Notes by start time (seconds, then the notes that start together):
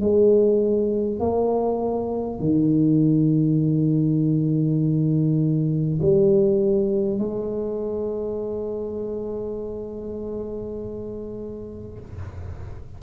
0.00 G#3
1.19 A#3
2.39 D#3
6.01 G3
7.18 G#3